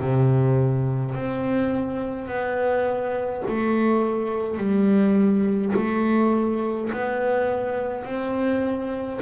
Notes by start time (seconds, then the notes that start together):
0.00 C3
1.15 C4
2.28 B3
3.47 A3
4.58 G3
5.75 A3
6.92 B3
8.05 C4